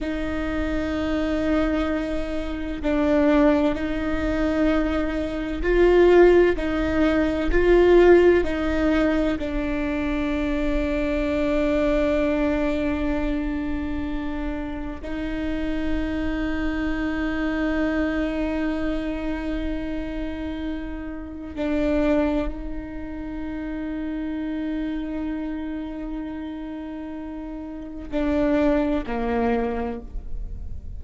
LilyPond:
\new Staff \with { instrumentName = "viola" } { \time 4/4 \tempo 4 = 64 dis'2. d'4 | dis'2 f'4 dis'4 | f'4 dis'4 d'2~ | d'1 |
dis'1~ | dis'2. d'4 | dis'1~ | dis'2 d'4 ais4 | }